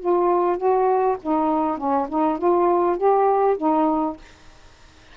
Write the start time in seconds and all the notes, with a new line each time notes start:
0.00 F4
0.58 F#4
1.23 D#4
1.78 C#4
2.09 D#4
2.38 F4
2.97 G4
3.58 D#4